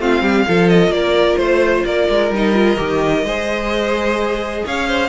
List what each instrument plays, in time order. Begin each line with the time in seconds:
0.00 cello A3, viola C4, violin F4 F5
0.22 cello G3, violin G4
0.47 cello F3, viola F4, violin A4
0.69 violin D#5
0.89 cello A#3, violin D5
0.96 violin A#4
1.37 cello A3, violin C5
1.86 cello A#3, violin A#4 D5
2.10 cello G#3
2.31 cello G3, viola D#4, violin D#5
2.54 viola F4
2.77 cello D#3, viola G4
3.24 cello G#3, viola G#4, violin C5
4.66 cello C#4, violin C#5 F5
4.88 violin C5